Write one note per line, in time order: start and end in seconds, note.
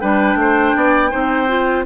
0.00 0.35 G3
0.00 1.11 D4
0.00 0.38 B4
0.00 1.85 G5
0.35 0.73 A3
0.35 0.77 C5
0.76 1.13 B3
0.76 1.11 D5
1.11 1.86 C4
1.11 1.48 D#4
1.11 1.85 C5
1.48 1.85 F4